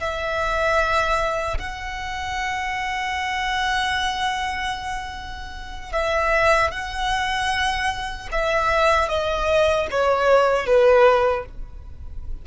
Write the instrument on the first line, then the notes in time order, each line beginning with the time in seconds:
violin
0.00 E5
1.59 F#5
5.92 E5
6.71 F#5
8.32 E5
9.09 D#5
9.91 C#5
10.66 B4